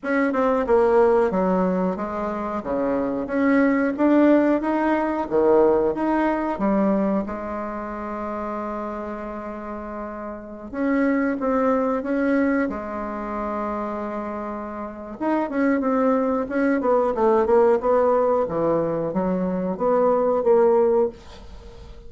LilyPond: \new Staff \with { instrumentName = "bassoon" } { \time 4/4 \tempo 4 = 91 cis'8 c'8 ais4 fis4 gis4 | cis4 cis'4 d'4 dis'4 | dis4 dis'4 g4 gis4~ | gis1~ |
gis16 cis'4 c'4 cis'4 gis8.~ | gis2. dis'8 cis'8 | c'4 cis'8 b8 a8 ais8 b4 | e4 fis4 b4 ais4 | }